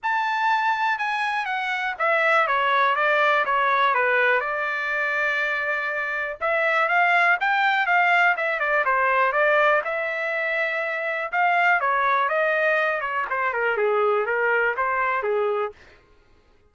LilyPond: \new Staff \with { instrumentName = "trumpet" } { \time 4/4 \tempo 4 = 122 a''2 gis''4 fis''4 | e''4 cis''4 d''4 cis''4 | b'4 d''2.~ | d''4 e''4 f''4 g''4 |
f''4 e''8 d''8 c''4 d''4 | e''2. f''4 | cis''4 dis''4. cis''8 c''8 ais'8 | gis'4 ais'4 c''4 gis'4 | }